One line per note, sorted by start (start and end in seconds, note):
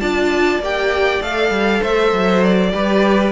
0.00 0.59 D4
0.00 0.61 F4
0.00 1.81 D5
0.00 0.61 A5
0.59 1.20 A#3
0.59 1.22 G4
0.59 1.23 G5
1.21 1.50 A3
1.21 2.72 A4
1.21 1.83 F5
1.50 1.80 G3
1.81 2.12 A3
1.81 2.71 C5
1.81 2.44 E5
2.12 2.73 F#3
2.44 3.32 D5
2.72 3.32 G3
2.72 3.32 G4
2.72 3.32 B4